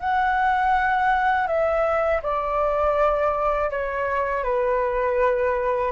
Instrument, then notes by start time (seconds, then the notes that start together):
flute
0.00 F#5
1.47 E5
2.22 D5
3.70 C#5
4.43 B4